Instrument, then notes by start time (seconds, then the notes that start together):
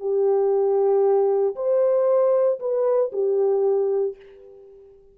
horn
0.00 G4
1.56 C5
2.60 B4
3.12 G4